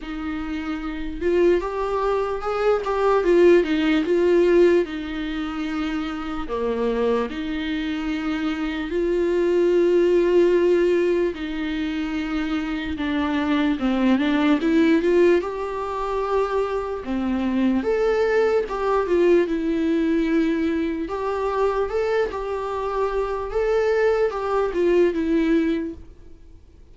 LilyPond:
\new Staff \with { instrumentName = "viola" } { \time 4/4 \tempo 4 = 74 dis'4. f'8 g'4 gis'8 g'8 | f'8 dis'8 f'4 dis'2 | ais4 dis'2 f'4~ | f'2 dis'2 |
d'4 c'8 d'8 e'8 f'8 g'4~ | g'4 c'4 a'4 g'8 f'8 | e'2 g'4 a'8 g'8~ | g'4 a'4 g'8 f'8 e'4 | }